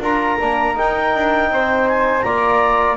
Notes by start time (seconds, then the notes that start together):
0.00 D4 F4 A#4 A#5
0.39 A#3 D4
0.75 D#4 G5
1.15 D4
1.49 C4 C5
1.88 G#5
2.22 A#3 F4 D5 A#5